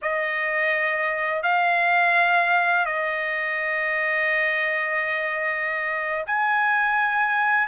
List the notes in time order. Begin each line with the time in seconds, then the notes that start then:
0.02 D#5
1.43 F5
2.85 D#5
6.26 G#5